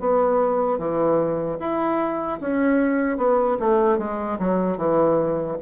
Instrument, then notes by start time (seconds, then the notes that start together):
bassoon
0.00 B3
0.78 E3
1.60 E4
2.41 C#4
3.17 B3
3.60 A3
3.98 G#3
4.39 F#3
4.77 E3